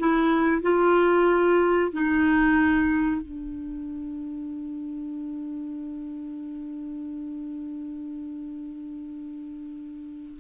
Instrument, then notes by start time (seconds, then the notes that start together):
clarinet
0.00 E4
0.63 F4
1.93 D#4
3.22 D4